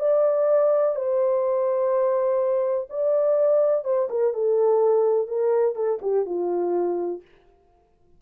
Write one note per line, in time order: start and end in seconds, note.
0.00 0.96 D5
0.96 2.88 C5
2.90 3.85 D5
3.85 4.09 C5
4.10 4.34 A#4
4.34 5.28 A4
5.28 5.76 A#4
5.76 6.00 A4
6.02 6.26 G4
6.26 7.22 F4